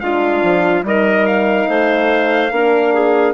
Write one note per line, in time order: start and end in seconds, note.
0.00 0.43 G#3
0.00 0.83 D4
0.00 0.86 F4
0.00 0.83 F5
0.43 0.83 F3
0.83 1.66 G3
0.83 2.50 D#4
0.83 1.69 A#4
0.83 1.27 D#5
1.27 3.34 F5
1.68 2.51 A3
1.68 2.52 C5
2.51 3.34 A#3
2.51 3.34 D4
2.51 2.94 A#4
2.94 3.34 G#4